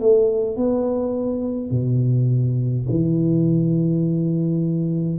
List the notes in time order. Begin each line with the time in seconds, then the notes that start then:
0.00 A3
0.57 B3
1.71 B2
2.90 E3